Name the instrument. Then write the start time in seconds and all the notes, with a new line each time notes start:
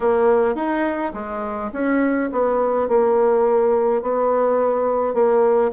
bassoon
0.00 A#3
0.55 D#4
1.13 G#3
1.72 C#4
2.32 B3
2.88 A#3
4.02 B3
5.14 A#3